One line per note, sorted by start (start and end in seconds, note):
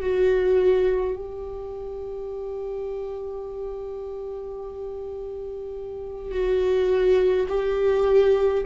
0.00 1.15 F#4
1.15 6.31 G4
6.31 7.47 F#4
7.48 8.64 G4